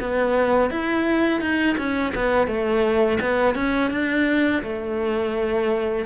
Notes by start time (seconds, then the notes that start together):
0.00 B3
0.70 E4
1.41 D#4
1.77 C#4
2.15 B3
2.47 A3
3.21 B3
3.55 C#4
3.91 D4
4.63 A3